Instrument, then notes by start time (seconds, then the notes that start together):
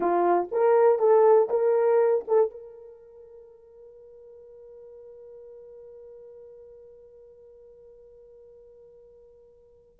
horn
0.00 F4
0.51 A#4
0.98 A4
1.49 A#4
2.27 A4
2.50 A#4